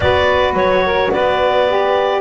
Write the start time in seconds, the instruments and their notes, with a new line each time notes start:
0.00 double bass B3, saxophone F#4 B4, clarinet D5
0.53 double bass F#3, clarinet C#5
0.85 saxophone A#4
1.11 double bass B3, saxophone B4, clarinet D5
1.68 saxophone G4